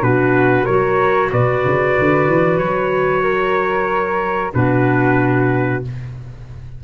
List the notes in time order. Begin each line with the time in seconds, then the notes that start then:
0.00 B2 D4 F#4 B4
0.64 F#3 F#4 A#4 C#5
1.31 B2 B4 D5
1.65 C#3
1.99 D3
2.27 E3
2.58 F#3 C#5
3.23 A#4
4.53 B2 D4 F#4 B4